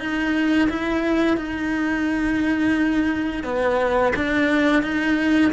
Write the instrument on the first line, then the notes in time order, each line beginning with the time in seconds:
cello
0.00 D#4
0.70 E4
1.37 D#4
3.44 B3
4.16 D4
4.83 D#4